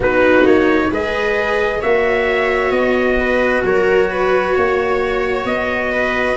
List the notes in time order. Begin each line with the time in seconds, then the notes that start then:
0.00 B3 D#4 F#4 B4
0.44 A#3 C#5
0.89 G#3 G#4 B4 D#5
1.80 A#3 F#4 C#5 E5
2.70 B3 D#5
3.19 B4
3.64 F#3 A#4 C#5
4.10 B4
4.55 A#3 C#5
5.45 B3 D#5
5.91 B4